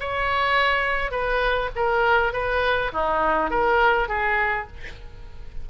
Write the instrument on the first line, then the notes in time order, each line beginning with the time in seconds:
oboe
0.00 C#5
1.11 B4
1.76 A#4
2.33 B4
2.93 D#4
3.51 A#4
4.09 G#4